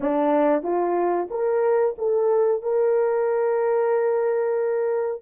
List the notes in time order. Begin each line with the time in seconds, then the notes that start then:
0.00 D4
0.63 F4
1.30 A#4
1.97 A4
2.62 A#4